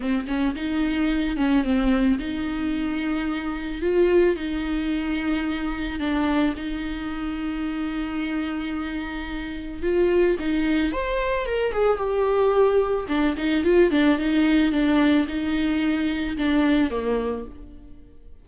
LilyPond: \new Staff \with { instrumentName = "viola" } { \time 4/4 \tempo 4 = 110 c'8 cis'8 dis'4. cis'8 c'4 | dis'2. f'4 | dis'2. d'4 | dis'1~ |
dis'2 f'4 dis'4 | c''4 ais'8 gis'8 g'2 | d'8 dis'8 f'8 d'8 dis'4 d'4 | dis'2 d'4 ais4 | }